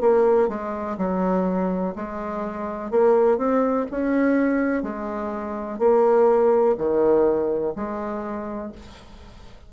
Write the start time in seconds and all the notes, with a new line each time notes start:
0.00 A#3
0.48 G#3
0.97 F#3
1.95 G#3
2.90 A#3
3.37 C4
3.91 C#4
4.83 G#3
5.78 A#3
6.77 D#3
7.75 G#3